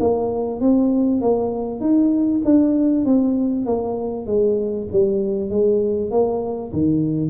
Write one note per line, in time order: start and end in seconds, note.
0.00 0.61 A#3
0.61 1.21 C4
1.21 1.81 A#3
1.81 2.42 D#4
2.45 3.06 D4
3.06 3.66 C4
3.66 4.27 A#3
4.27 4.88 G#3
4.92 5.50 G3
5.50 6.11 G#3
6.11 6.72 A#3
6.73 7.30 D#3